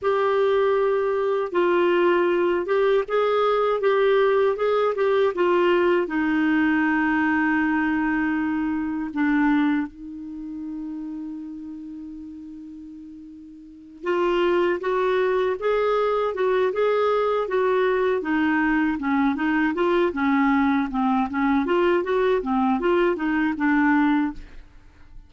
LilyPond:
\new Staff \with { instrumentName = "clarinet" } { \time 4/4 \tempo 4 = 79 g'2 f'4. g'8 | gis'4 g'4 gis'8 g'8 f'4 | dis'1 | d'4 dis'2.~ |
dis'2~ dis'8 f'4 fis'8~ | fis'8 gis'4 fis'8 gis'4 fis'4 | dis'4 cis'8 dis'8 f'8 cis'4 c'8 | cis'8 f'8 fis'8 c'8 f'8 dis'8 d'4 | }